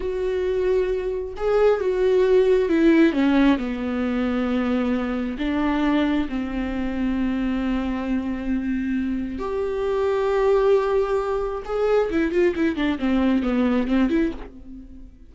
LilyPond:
\new Staff \with { instrumentName = "viola" } { \time 4/4 \tempo 4 = 134 fis'2. gis'4 | fis'2 e'4 cis'4 | b1 | d'2 c'2~ |
c'1~ | c'4 g'2.~ | g'2 gis'4 e'8 f'8 | e'8 d'8 c'4 b4 c'8 e'8 | }